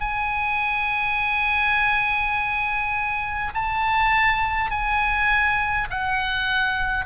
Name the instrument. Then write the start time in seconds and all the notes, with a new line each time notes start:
oboe
0.00 G#5
3.54 A5
4.71 G#5
5.90 F#5